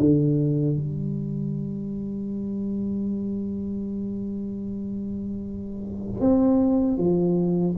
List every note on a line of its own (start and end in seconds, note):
0.00 0.77 D3
0.77 6.20 G3
6.20 6.97 C4
6.97 7.75 F3